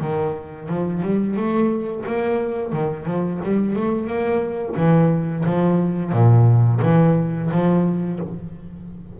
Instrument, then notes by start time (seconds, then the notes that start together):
double bass
0.00 D#3
0.68 F3
1.02 G3
1.36 A3
2.05 A#3
2.72 D#3
3.05 F3
3.43 G3
3.75 A3
4.07 A#3
4.76 E3
5.45 F3
6.11 A#2
6.82 E3
7.51 F3